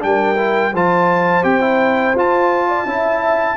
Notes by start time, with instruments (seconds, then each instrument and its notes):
0.00 tuba G3, trombone D4, trumpet G5
0.07 horn A#4
0.36 trombone E4
0.73 tuba F3, trombone F4, horn C5, trumpet A5
1.43 tuba C4, trombone G4, trumpet G5
1.61 trombone E4
2.15 tuba F4, trombone F4, trumpet A5
2.69 horn D5
2.85 tuba C#4, trombone E4, horn E5